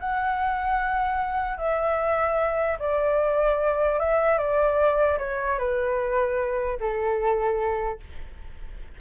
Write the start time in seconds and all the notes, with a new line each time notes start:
0.00 F#5
1.58 E5
2.79 D5
3.99 E5
4.38 D5
5.18 C#5
5.58 B4
6.80 A4